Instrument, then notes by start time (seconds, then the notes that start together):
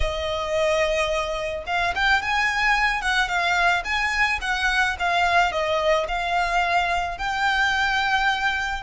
violin
0.00 D#5
1.66 F5
1.95 G5
2.22 G#5
3.01 F#5
3.28 F5
3.84 G#5
4.41 F#5
4.99 F5
5.51 D#5
6.08 F5
7.18 G5